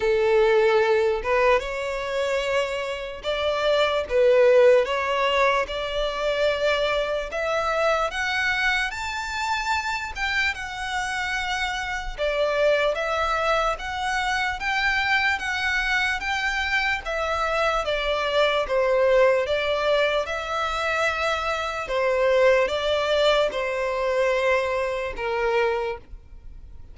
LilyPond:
\new Staff \with { instrumentName = "violin" } { \time 4/4 \tempo 4 = 74 a'4. b'8 cis''2 | d''4 b'4 cis''4 d''4~ | d''4 e''4 fis''4 a''4~ | a''8 g''8 fis''2 d''4 |
e''4 fis''4 g''4 fis''4 | g''4 e''4 d''4 c''4 | d''4 e''2 c''4 | d''4 c''2 ais'4 | }